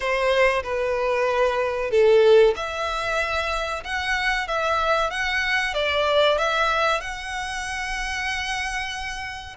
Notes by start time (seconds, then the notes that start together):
0.00 C5
0.63 B4
1.90 A4
2.56 E5
3.84 F#5
4.47 E5
5.10 F#5
5.74 D5
6.38 E5
7.00 F#5